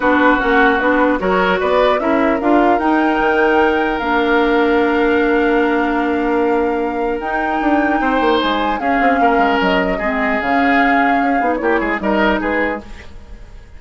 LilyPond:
<<
  \new Staff \with { instrumentName = "flute" } { \time 4/4 \tempo 4 = 150 b'4 fis''4 b'4 cis''4 | d''4 e''4 f''4 g''4~ | g''2 f''2~ | f''1~ |
f''2 g''2~ | g''4 gis''4 f''2 | dis''2 f''2~ | f''4 cis''4 dis''4 b'4 | }
  \new Staff \with { instrumentName = "oboe" } { \time 4/4 fis'2. ais'4 | b'4 ais'2.~ | ais'1~ | ais'1~ |
ais'1 | c''2 gis'4 ais'4~ | ais'4 gis'2.~ | gis'4 g'8 gis'8 ais'4 gis'4 | }
  \new Staff \with { instrumentName = "clarinet" } { \time 4/4 d'4 cis'4 d'4 fis'4~ | fis'4 e'4 f'4 dis'4~ | dis'2 d'2~ | d'1~ |
d'2 dis'2~ | dis'2 cis'2~ | cis'4 c'4 cis'2~ | cis'8 dis'8 e'4 dis'2 | }
  \new Staff \with { instrumentName = "bassoon" } { \time 4/4 b4 ais4 b4 fis4 | b4 cis'4 d'4 dis'4 | dis2 ais2~ | ais1~ |
ais2 dis'4 d'4 | c'8 ais8 gis4 cis'8 c'8 ais8 gis8 | fis4 gis4 cis2 | cis'8 b8 ais8 gis8 g4 gis4 | }
>>